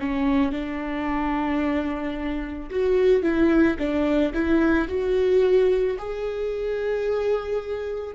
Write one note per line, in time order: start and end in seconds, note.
0.00 0.52 C#4
0.52 2.70 D4
2.70 3.23 F#4
3.23 3.77 E4
3.79 4.33 D4
4.34 4.88 E4
4.88 5.98 F#4
5.99 8.15 G#4